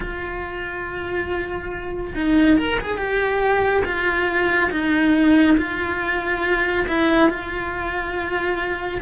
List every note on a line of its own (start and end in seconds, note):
0.00 2.13 F4
2.14 2.57 D#4
2.57 2.79 A#4
2.80 2.97 G#4
2.97 3.82 G4
3.84 4.70 F4
4.71 5.56 D#4
5.57 6.86 F4
6.87 7.29 E4
7.29 9.01 F4